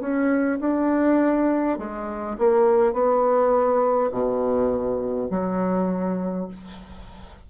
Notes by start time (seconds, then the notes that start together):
0.00 C#4
0.60 D4
1.78 G#3
2.39 A#3
2.93 B3
4.12 B2
5.30 F#3